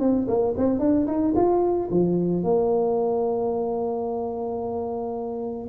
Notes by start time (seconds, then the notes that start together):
0.00 C4
0.28 A#3
0.58 C4
0.80 D4
1.07 D#4
1.36 F4
1.91 F3
2.44 A#3